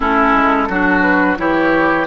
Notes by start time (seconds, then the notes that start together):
0.00 A3 C#4 E4 A4
0.33 G#3
0.68 F#3 D4 F#4
1.02 B4
1.37 E3 E4 G4 C#5